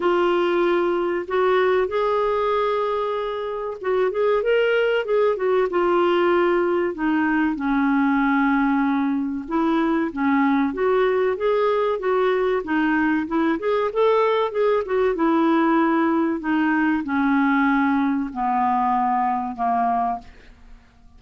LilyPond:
\new Staff \with { instrumentName = "clarinet" } { \time 4/4 \tempo 4 = 95 f'2 fis'4 gis'4~ | gis'2 fis'8 gis'8 ais'4 | gis'8 fis'8 f'2 dis'4 | cis'2. e'4 |
cis'4 fis'4 gis'4 fis'4 | dis'4 e'8 gis'8 a'4 gis'8 fis'8 | e'2 dis'4 cis'4~ | cis'4 b2 ais4 | }